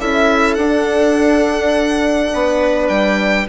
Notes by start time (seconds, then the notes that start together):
0.00 C#4 E4 A4 E5
0.54 D4 F#5
2.33 B3 B4
2.89 G3 G5